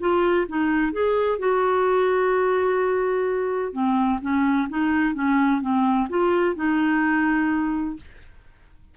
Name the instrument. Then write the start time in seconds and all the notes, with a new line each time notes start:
clarinet
0.00 F4
0.49 D#4
0.93 G#4
1.39 F#4
3.73 C4
4.22 C#4
4.70 D#4
5.15 C#4
5.61 C4
6.09 F4
6.56 D#4